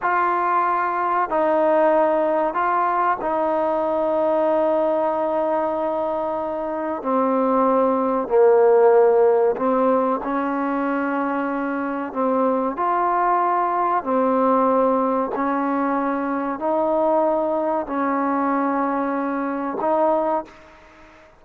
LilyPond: \new Staff \with { instrumentName = "trombone" } { \time 4/4 \tempo 4 = 94 f'2 dis'2 | f'4 dis'2.~ | dis'2. c'4~ | c'4 ais2 c'4 |
cis'2. c'4 | f'2 c'2 | cis'2 dis'2 | cis'2. dis'4 | }